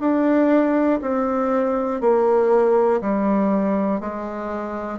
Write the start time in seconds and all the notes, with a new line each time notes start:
0.00 D4
1.01 C4
2.01 A#3
3.01 G3
4.00 G#3